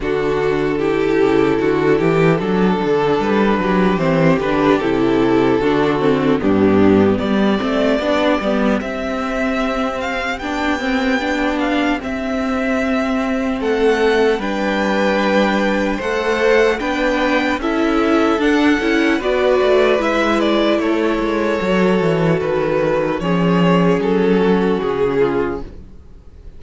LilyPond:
<<
  \new Staff \with { instrumentName = "violin" } { \time 4/4 \tempo 4 = 75 a'1 | b'4 c''8 b'8 a'2 | g'4 d''2 e''4~ | e''8 f''8 g''4. f''8 e''4~ |
e''4 fis''4 g''2 | fis''4 g''4 e''4 fis''4 | d''4 e''8 d''8 cis''2 | b'4 cis''4 a'4 gis'4 | }
  \new Staff \with { instrumentName = "violin" } { \time 4/4 fis'4 g'4 fis'8 g'8 a'4~ | a'8 g'2~ g'8 fis'4 | d'4 g'2.~ | g'1~ |
g'4 a'4 b'2 | c''4 b'4 a'2 | b'2 a'2~ | a'4 gis'4. fis'4 f'8 | }
  \new Staff \with { instrumentName = "viola" } { \time 4/4 d'4 e'2 d'4~ | d'4 c'8 d'8 e'4 d'8 c'8 | b4. c'8 d'8 b8 c'4~ | c'4 d'8 c'8 d'4 c'4~ |
c'2 d'2 | a'4 d'4 e'4 d'8 e'8 | fis'4 e'2 fis'4~ | fis'4 cis'2. | }
  \new Staff \with { instrumentName = "cello" } { \time 4/4 d4. cis8 d8 e8 fis8 d8 | g8 fis8 e8 d8 c4 d4 | g,4 g8 a8 b8 g8 c'4~ | c'4 b2 c'4~ |
c'4 a4 g2 | a4 b4 cis'4 d'8 cis'8 | b8 a8 gis4 a8 gis8 fis8 e8 | dis4 f4 fis4 cis4 | }
>>